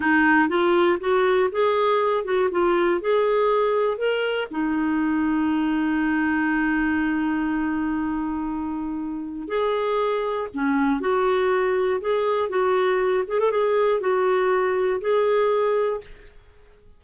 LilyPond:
\new Staff \with { instrumentName = "clarinet" } { \time 4/4 \tempo 4 = 120 dis'4 f'4 fis'4 gis'4~ | gis'8 fis'8 f'4 gis'2 | ais'4 dis'2.~ | dis'1~ |
dis'2. gis'4~ | gis'4 cis'4 fis'2 | gis'4 fis'4. gis'16 a'16 gis'4 | fis'2 gis'2 | }